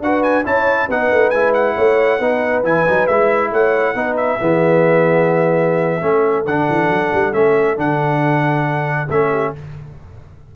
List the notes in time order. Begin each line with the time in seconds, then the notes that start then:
0.00 D4 F#4 B4 F#5
0.23 G#5
0.45 C#4 E4 C#5 A5
0.89 B3 D#4 B4 F#5
1.11 A3
1.30 G#3 E4 G#5
1.54 F#5
1.75 A3 C#5
2.19 B3 D#4 B4
2.64 E3 E4 G#5
2.87 F#3 D#4
3.07 G#3 E4 E5
3.51 A3 C#5 F#5
3.94 B3 D#4 B4
4.16 E5
4.40 E3 B3 G#4
6.01 A3 C#4 A4
6.46 D3 D4 F#5
6.70 E3
6.90 F#3
7.13 G3
7.33 A3 C#4 E5
7.76 D3 D4 F#5
9.09 A3 C#4 E5
9.30 G4